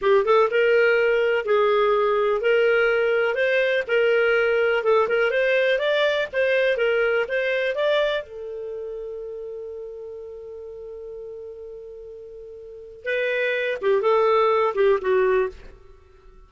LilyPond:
\new Staff \with { instrumentName = "clarinet" } { \time 4/4 \tempo 4 = 124 g'8 a'8 ais'2 gis'4~ | gis'4 ais'2 c''4 | ais'2 a'8 ais'8 c''4 | d''4 c''4 ais'4 c''4 |
d''4 a'2.~ | a'1~ | a'2. b'4~ | b'8 g'8 a'4. g'8 fis'4 | }